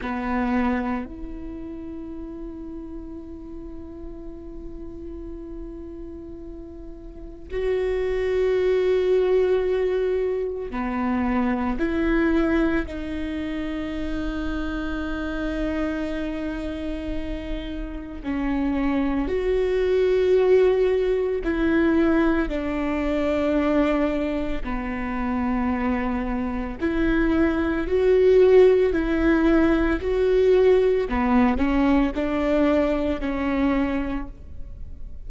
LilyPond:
\new Staff \with { instrumentName = "viola" } { \time 4/4 \tempo 4 = 56 b4 e'2.~ | e'2. fis'4~ | fis'2 b4 e'4 | dis'1~ |
dis'4 cis'4 fis'2 | e'4 d'2 b4~ | b4 e'4 fis'4 e'4 | fis'4 b8 cis'8 d'4 cis'4 | }